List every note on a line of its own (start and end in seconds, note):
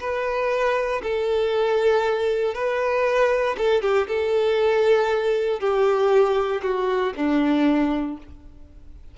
0.00 1.02 B4
1.03 2.55 A4
2.55 3.56 B4
3.58 3.82 A4
3.82 4.07 G4
4.08 5.60 A4
5.60 6.62 G4
6.63 7.14 F#4
7.16 8.18 D4